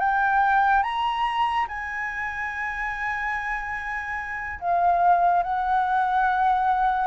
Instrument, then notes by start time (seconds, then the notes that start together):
flute
0.00 G5
0.83 A#5
1.68 G#5
4.60 F5
5.43 F#5